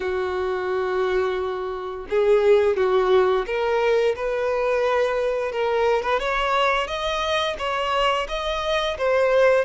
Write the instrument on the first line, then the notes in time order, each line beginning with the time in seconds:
violin
0.00 F#4
2.09 G#4
2.76 F#4
3.46 A#4
4.15 B4
5.52 A#4
6.02 B4
6.19 C#5
6.87 D#5
7.58 C#5
8.28 D#5
8.97 C5